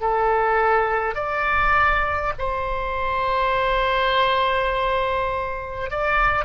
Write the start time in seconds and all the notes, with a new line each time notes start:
0.00 A4
1.15 D5
2.39 C5
5.90 D5